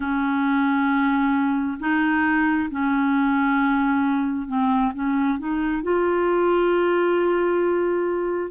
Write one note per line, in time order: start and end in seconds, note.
0.00 1.78 C#4
1.79 2.69 D#4
2.70 4.47 C#4
4.47 4.92 C4
4.94 5.38 C#4
5.38 5.82 D#4
5.82 8.50 F4